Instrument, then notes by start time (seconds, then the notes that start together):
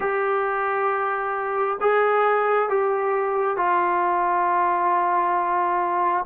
trombone
0.00 G4
1.80 G#4
2.69 G4
3.56 F4